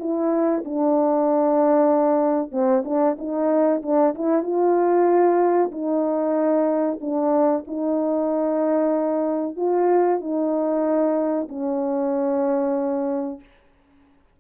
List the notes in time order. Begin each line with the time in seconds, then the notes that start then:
0.00 E4
0.65 D4
2.52 C4
2.85 D4
3.19 D#4
3.83 D4
4.15 E4
4.43 F4
5.72 D#4
7.01 D4
7.68 D#4
9.57 F4
10.21 D#4
11.49 C#4